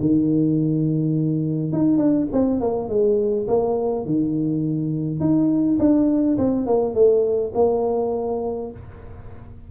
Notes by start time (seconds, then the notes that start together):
0.00 D#3
1.72 D#4
1.97 D4
2.32 C4
2.60 A#3
2.89 G#3
3.48 A#3
4.05 D#3
5.20 D#4
5.79 D4
6.37 C4
6.66 A#3
6.94 A3
7.54 A#3